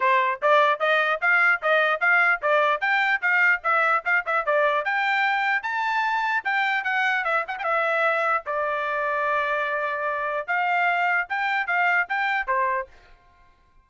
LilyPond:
\new Staff \with { instrumentName = "trumpet" } { \time 4/4 \tempo 4 = 149 c''4 d''4 dis''4 f''4 | dis''4 f''4 d''4 g''4 | f''4 e''4 f''8 e''8 d''4 | g''2 a''2 |
g''4 fis''4 e''8 fis''16 g''16 e''4~ | e''4 d''2.~ | d''2 f''2 | g''4 f''4 g''4 c''4 | }